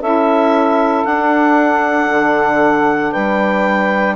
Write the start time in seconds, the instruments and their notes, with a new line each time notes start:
0.00 bassoon C#4, saxophone E4 A4, clarinet E5
1.05 bassoon D4, saxophone D4, clarinet F#5
2.10 bassoon D3
3.11 bassoon G3, saxophone B4, clarinet G5